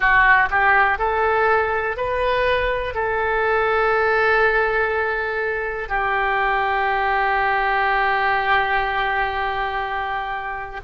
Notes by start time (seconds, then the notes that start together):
0.00 F#4
0.50 G4
0.98 A4
1.96 B4
2.94 A4
5.88 G4